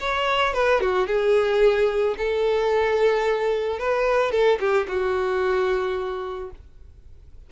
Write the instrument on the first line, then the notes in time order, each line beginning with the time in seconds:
violin
0.00 C#5
0.54 B4
0.81 F#4
1.07 G#4
2.17 A4
3.79 B4
4.32 A4
4.60 G4
4.88 F#4